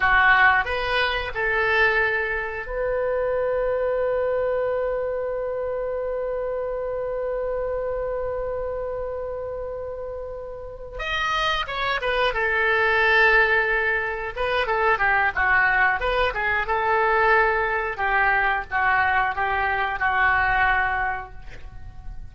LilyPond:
\new Staff \with { instrumentName = "oboe" } { \time 4/4 \tempo 4 = 90 fis'4 b'4 a'2 | b'1~ | b'1~ | b'1~ |
b'8 dis''4 cis''8 b'8 a'4.~ | a'4. b'8 a'8 g'8 fis'4 | b'8 gis'8 a'2 g'4 | fis'4 g'4 fis'2 | }